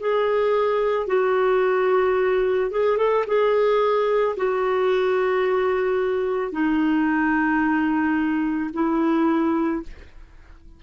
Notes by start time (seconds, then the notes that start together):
0.00 G#4
1.07 F#4
2.71 G#4
2.98 A4
3.27 G#4
4.36 F#4
6.52 D#4
8.74 E4